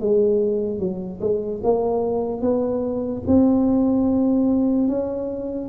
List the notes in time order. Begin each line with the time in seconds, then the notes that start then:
0.00 G#3
0.79 F#3
1.20 G#3
1.63 A#3
2.41 B3
3.27 C4
4.88 C#4